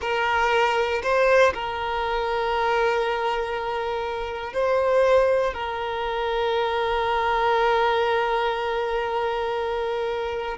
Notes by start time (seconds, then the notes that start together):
0.01 A#4
1.02 C5
1.54 A#4
4.53 C5
5.53 A#4